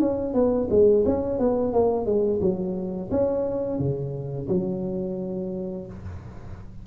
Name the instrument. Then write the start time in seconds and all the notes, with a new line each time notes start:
tuba
0.00 C#4
0.34 B3
0.71 G#3
1.06 C#4
1.39 B3
1.73 A#3
2.06 G#3
2.41 F#3
3.11 C#4
3.79 C#3
4.49 F#3